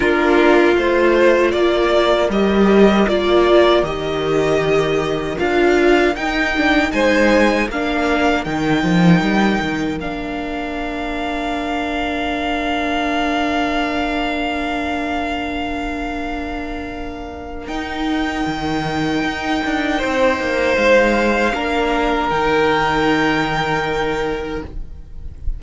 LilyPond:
<<
  \new Staff \with { instrumentName = "violin" } { \time 4/4 \tempo 4 = 78 ais'4 c''4 d''4 dis''4 | d''4 dis''2 f''4 | g''4 gis''4 f''4 g''4~ | g''4 f''2.~ |
f''1~ | f''2. g''4~ | g''2. f''4~ | f''4 g''2. | }
  \new Staff \with { instrumentName = "violin" } { \time 4/4 f'2 ais'2~ | ais'1~ | ais'4 c''4 ais'2~ | ais'1~ |
ais'1~ | ais'1~ | ais'2 c''2 | ais'1 | }
  \new Staff \with { instrumentName = "viola" } { \time 4/4 d'4 f'2 g'4 | f'4 g'2 f'4 | dis'8 d'8 dis'4 d'4 dis'4~ | dis'4 d'2.~ |
d'1~ | d'2. dis'4~ | dis'1 | d'4 dis'2. | }
  \new Staff \with { instrumentName = "cello" } { \time 4/4 ais4 a4 ais4 g4 | ais4 dis2 d'4 | dis'4 gis4 ais4 dis8 f8 | g8 dis8 ais2.~ |
ais1~ | ais2. dis'4 | dis4 dis'8 d'8 c'8 ais8 gis4 | ais4 dis2. | }
>>